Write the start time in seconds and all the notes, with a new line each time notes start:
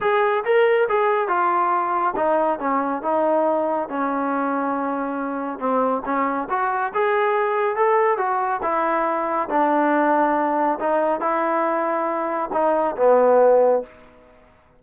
0.01 G#4
0.44 A#4
0.88 G#4
1.28 F4
2.15 D#4
2.59 C#4
3.02 D#4
3.88 C#4
5.59 C4
6.05 C#4
6.49 F#4
6.94 G#4
7.76 A4
8.17 F#4
8.62 E4
9.49 D4
10.79 D#4
11.20 E4
12.52 D#4
12.96 B3